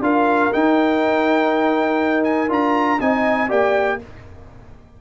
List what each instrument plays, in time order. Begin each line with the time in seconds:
0.00 tuba D4, trombone F4, horn A#4, trumpet F5
0.52 trombone D#4, tuba D#4, trumpet G5
2.24 trumpet G#5
2.49 tuba D4, trombone F4, trumpet A#5
3.00 tuba C4, trombone D#4, horn D#5, trumpet G#5
3.49 tuba A#3, trombone G4, horn D5, trumpet G5